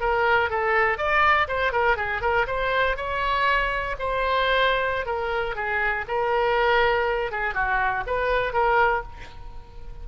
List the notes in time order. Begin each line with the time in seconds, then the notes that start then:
0.00 A#4
0.50 A4
0.98 D5
1.48 C5
1.72 A#4
1.96 G#4
2.21 A#4
2.47 C5
2.96 C#5
3.99 C5
5.06 A#4
5.55 G#4
6.08 A#4
7.31 G#4
7.54 F#4
8.06 B4
8.53 A#4